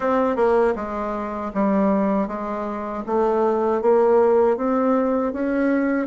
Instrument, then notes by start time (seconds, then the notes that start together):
bassoon
0.00 C4
0.36 A#3
0.75 G#3
1.54 G3
2.27 G#3
3.06 A3
3.81 A#3
4.56 C4
5.33 C#4